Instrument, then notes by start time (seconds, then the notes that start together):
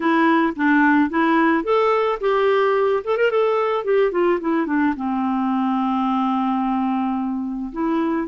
clarinet
0.00 E4
0.56 D4
1.09 E4
1.63 A4
2.20 G4
3.04 A4
3.17 A#4
3.30 A4
3.84 G4
4.11 F4
4.40 E4
4.66 D4
4.96 C4
7.72 E4